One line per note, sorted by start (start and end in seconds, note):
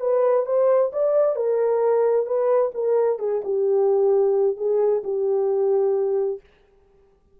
0.00 0.45 B4
0.45 0.91 C5
0.92 1.35 D5
1.35 2.26 A#4
2.26 2.71 B4
2.74 3.19 A#4
3.19 3.41 G#4
3.44 4.57 G4
4.57 5.02 G#4
5.04 6.40 G4